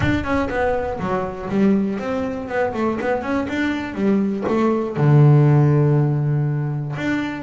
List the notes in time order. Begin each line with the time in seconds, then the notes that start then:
0.00 D4
0.23 C#4
0.49 B3
0.99 F#3
1.49 G3
1.99 C4
2.48 B3
2.73 A3
3.00 B3
3.22 C#4
3.48 D4
3.94 G3
4.48 A3
4.96 D3
6.96 D4